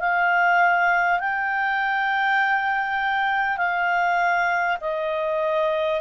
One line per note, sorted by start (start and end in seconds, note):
0.00 1.20 F5
1.20 3.57 G5
3.57 4.77 F5
4.81 6.01 D#5